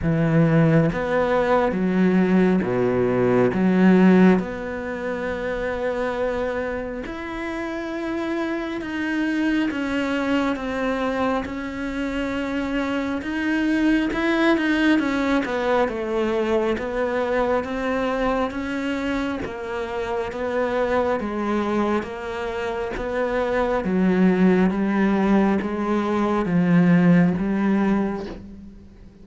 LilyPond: \new Staff \with { instrumentName = "cello" } { \time 4/4 \tempo 4 = 68 e4 b4 fis4 b,4 | fis4 b2. | e'2 dis'4 cis'4 | c'4 cis'2 dis'4 |
e'8 dis'8 cis'8 b8 a4 b4 | c'4 cis'4 ais4 b4 | gis4 ais4 b4 fis4 | g4 gis4 f4 g4 | }